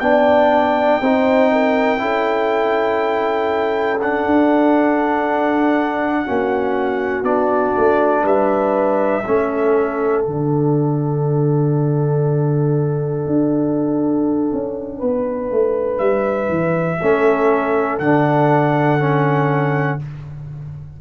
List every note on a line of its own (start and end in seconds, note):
0.00 1.01 B3
0.00 1.02 D4
0.00 1.01 D5
0.00 4.00 G5
1.01 2.01 C4
1.01 1.99 D#4
1.01 1.51 C5
1.52 2.02 A#4
1.99 4.26 C#4
1.99 3.99 E4
1.99 6.25 A4
4.01 6.26 D4
4.01 7.25 F#5
4.26 6.26 D4
6.25 7.23 A#3
6.25 7.24 C#4
6.25 8.23 F#4
7.23 7.73 B3
7.23 9.24 D4
7.23 8.25 D5
7.77 8.24 A3
8.23 9.24 G3
8.23 9.23 B4
8.23 10.24 E5
9.25 10.27 A3
9.25 10.24 C#4
9.25 14.99 A4
10.24 13.27 D3
10.24 16.99 D4
10.24 15.99 F#5
13.27 14.52 D4
14.53 15.02 C#4
14.99 15.51 B3
14.99 16.99 B4
15.51 16.00 A3
15.99 16.49 G3
15.99 17.99 E5
16.49 16.99 E3
17.01 18.00 A3
17.01 18.02 C#4
17.01 20.01 A4
17.99 20.00 D3
17.99 19.00 D4
17.99 19.99 F#5
19.00 20.00 C#4